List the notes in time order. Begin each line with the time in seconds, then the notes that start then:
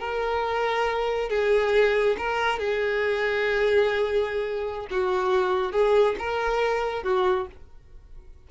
0.00 A#4
1.29 G#4
2.18 A#4
2.59 G#4
4.91 F#4
5.72 G#4
6.19 A#4
7.04 F#4